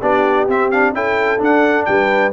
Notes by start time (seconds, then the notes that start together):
0.00 B3 D4 G4 D5
0.47 C4 E5
0.71 D4 F5
0.93 C#4 E4 A4 G5
1.38 D4 F#5
1.85 G3 B4 G5